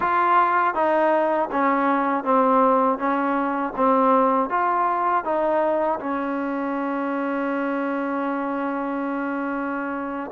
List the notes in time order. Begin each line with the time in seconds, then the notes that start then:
0.00 F4
0.74 D#4
1.51 C#4
2.23 C4
2.98 C#4
3.76 C4
4.49 F4
5.24 D#4
5.99 C#4